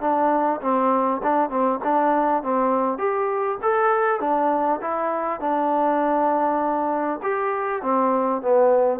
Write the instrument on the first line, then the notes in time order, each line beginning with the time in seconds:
trombone
0.00 D4
0.61 C4
1.22 D4
1.49 C4
1.84 D4
2.43 C4
2.98 G4
3.62 A4
4.20 D4
4.81 E4
5.40 D4
7.22 G4
7.82 C4
8.41 B3